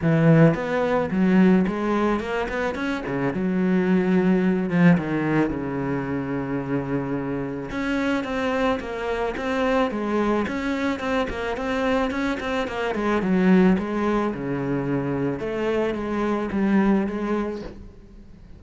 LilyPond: \new Staff \with { instrumentName = "cello" } { \time 4/4 \tempo 4 = 109 e4 b4 fis4 gis4 | ais8 b8 cis'8 cis8 fis2~ | fis8 f8 dis4 cis2~ | cis2 cis'4 c'4 |
ais4 c'4 gis4 cis'4 | c'8 ais8 c'4 cis'8 c'8 ais8 gis8 | fis4 gis4 cis2 | a4 gis4 g4 gis4 | }